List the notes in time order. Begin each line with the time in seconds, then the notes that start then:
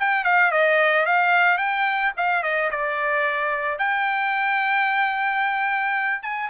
0.00 G5
0.25 F5
0.52 D#5
1.06 F5
1.58 G5
2.17 F5
2.43 D#5
2.71 D5
3.79 G5
6.23 G#5